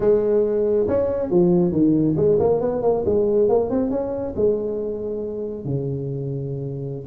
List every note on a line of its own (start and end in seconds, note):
0.00 0.87 G#3
0.87 1.30 C#4
1.30 1.72 F3
1.72 2.15 D#3
2.16 2.38 G#3
2.39 2.60 A#3
2.60 2.82 B3
2.82 3.03 A#3
3.05 3.48 G#3
3.48 3.70 A#3
3.70 3.90 C4
3.90 4.34 C#4
4.36 5.65 G#3
5.65 7.06 C#3